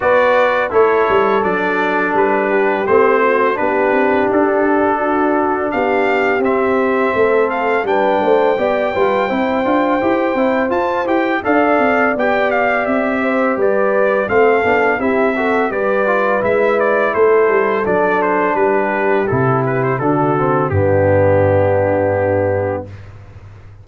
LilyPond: <<
  \new Staff \with { instrumentName = "trumpet" } { \time 4/4 \tempo 4 = 84 d''4 cis''4 d''4 b'4 | c''4 b'4 a'2 | f''4 e''4. f''8 g''4~ | g''2. a''8 g''8 |
f''4 g''8 f''8 e''4 d''4 | f''4 e''4 d''4 e''8 d''8 | c''4 d''8 c''8 b'4 a'8 b'16 c''16 | a'4 g'2. | }
  \new Staff \with { instrumentName = "horn" } { \time 4/4 b'4 a'2~ a'8 g'8~ | g'8 fis'8 g'2 fis'4 | g'2 a'4 b'8 c''8 | d''8 b'8 c''2. |
d''2~ d''8 c''8 b'4 | a'4 g'8 a'8 b'2 | a'2 g'2 | fis'4 d'2. | }
  \new Staff \with { instrumentName = "trombone" } { \time 4/4 fis'4 e'4 d'2 | c'4 d'2.~ | d'4 c'2 d'4 | g'8 f'8 e'8 f'8 g'8 e'8 f'8 g'8 |
a'4 g'2. | c'8 d'8 e'8 fis'8 g'8 f'8 e'4~ | e'4 d'2 e'4 | d'8 c'8 b2. | }
  \new Staff \with { instrumentName = "tuba" } { \time 4/4 b4 a8 g8 fis4 g4 | a4 b8 c'8 d'2 | b4 c'4 a4 g8 a8 | b8 g8 c'8 d'8 e'8 c'8 f'8 e'8 |
d'8 c'8 b4 c'4 g4 | a8 b8 c'4 g4 gis4 | a8 g8 fis4 g4 c4 | d4 g,2. | }
>>